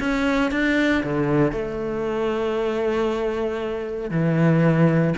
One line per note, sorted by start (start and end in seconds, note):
0.00 0.52 C#4
0.52 1.03 D4
1.04 1.52 D3
1.52 4.11 A3
4.11 5.14 E3